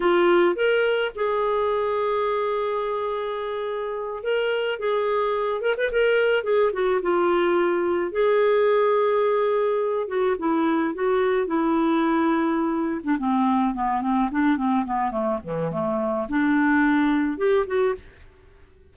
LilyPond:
\new Staff \with { instrumentName = "clarinet" } { \time 4/4 \tempo 4 = 107 f'4 ais'4 gis'2~ | gis'2.~ gis'8 ais'8~ | ais'8 gis'4. ais'16 b'16 ais'4 gis'8 | fis'8 f'2 gis'4.~ |
gis'2 fis'8 e'4 fis'8~ | fis'8 e'2~ e'8. d'16 c'8~ | c'8 b8 c'8 d'8 c'8 b8 a8 e8 | a4 d'2 g'8 fis'8 | }